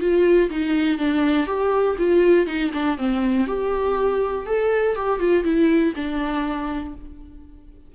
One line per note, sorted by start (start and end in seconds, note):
0.00 0.50 F4
0.50 0.98 D#4
0.98 1.46 D4
1.46 1.96 G4
1.98 2.46 F4
2.46 2.71 D#4
2.73 2.98 D4
2.98 3.47 C4
3.47 4.46 G4
4.46 4.95 A4
4.95 5.19 G4
5.19 5.44 F4
5.44 5.93 E4
5.95 6.94 D4